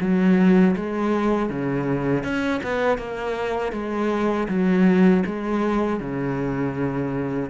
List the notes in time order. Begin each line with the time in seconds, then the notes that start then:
0.00 F#3
0.76 G#3
1.49 C#3
2.23 C#4
2.63 B3
2.98 A#3
3.72 G#3
4.48 F#3
5.26 G#3
6.00 C#3